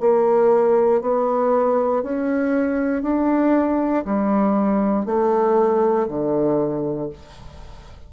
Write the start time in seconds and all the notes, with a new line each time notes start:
0.00 A#3
1.01 B3
2.03 C#4
3.03 D4
4.05 G3
5.06 A3
6.08 D3